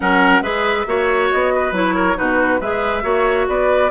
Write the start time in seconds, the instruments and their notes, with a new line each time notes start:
0.00 bassoon F#3, clarinet C#4, oboe A#4, flute F#5
0.41 bassoon G#3, clarinet G#4, oboe B4, flute E5
0.86 bassoon A#3, clarinet F#4, oboe C#5
1.30 bassoon B3, flute D#5
1.55 oboe B4
1.71 bassoon F#3, clarinet E4, flute C#5
1.94 oboe A#4
2.15 bassoon B2, clarinet D#4, oboe F#4, flute B4
2.60 bassoon G#3, clarinet G#4, oboe B4, flute E5
3.02 bassoon A#3, clarinet F#4, oboe C#5
3.47 bassoon B3, oboe B4, flute D5